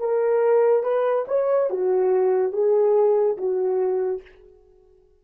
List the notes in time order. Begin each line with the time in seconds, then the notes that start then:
0.00 A#4
0.83 B4
1.28 C#5
1.70 F#4
2.53 G#4
3.37 F#4